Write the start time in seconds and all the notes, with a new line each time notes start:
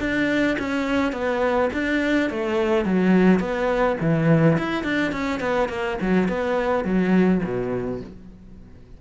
0.00 D4
0.59 C#4
1.12 B3
1.73 D4
2.30 A3
2.85 F#3
3.39 B3
4.00 E3
4.58 E4
4.83 D4
5.12 C#4
5.40 B3
5.69 A#3
6.01 F#3
6.28 B3
6.84 F#3
7.43 B2